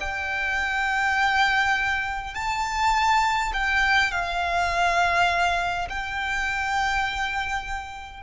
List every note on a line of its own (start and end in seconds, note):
0.00 2.34 G5
2.34 3.52 A5
3.53 4.11 G5
4.11 5.88 F5
5.89 8.23 G5